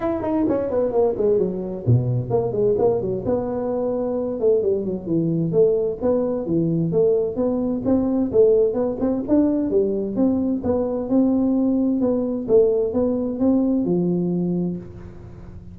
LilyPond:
\new Staff \with { instrumentName = "tuba" } { \time 4/4 \tempo 4 = 130 e'8 dis'8 cis'8 b8 ais8 gis8 fis4 | b,4 ais8 gis8 ais8 fis8 b4~ | b4. a8 g8 fis8 e4 | a4 b4 e4 a4 |
b4 c'4 a4 b8 c'8 | d'4 g4 c'4 b4 | c'2 b4 a4 | b4 c'4 f2 | }